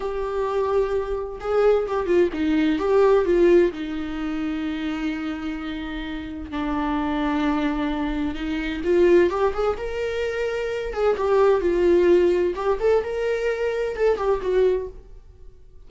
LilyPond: \new Staff \with { instrumentName = "viola" } { \time 4/4 \tempo 4 = 129 g'2. gis'4 | g'8 f'8 dis'4 g'4 f'4 | dis'1~ | dis'2 d'2~ |
d'2 dis'4 f'4 | g'8 gis'8 ais'2~ ais'8 gis'8 | g'4 f'2 g'8 a'8 | ais'2 a'8 g'8 fis'4 | }